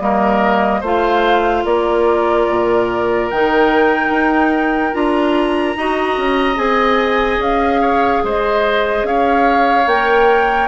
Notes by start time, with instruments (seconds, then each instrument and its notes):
0.00 bassoon G3, clarinet A#3, oboe A#4, flute D#5
0.81 bassoon A3, clarinet F4, oboe C5, flute F5
1.65 bassoon A#3, oboe A#4, flute D5
2.49 bassoon A#2
3.30 bassoon D#3, clarinet D#4, flute G5
4.10 bassoon D#4
4.93 bassoon D4, clarinet F4, flute A#5
5.76 bassoon D#4, clarinet F#4, oboe D#5
6.17 bassoon C#4
6.55 bassoon C4, clarinet G#4, flute G#5
7.38 bassoon C#4, flute F5
7.81 oboe C#5
8.24 bassoon G#3, oboe C5, flute D#5
9.03 bassoon C#4, oboe C#5, flute F5
9.87 bassoon A#3, clarinet A#4, flute G5